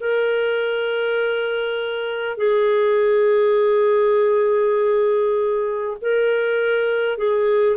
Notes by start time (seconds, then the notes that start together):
0.00 A#4
2.37 G#4
6.01 A#4
7.18 G#4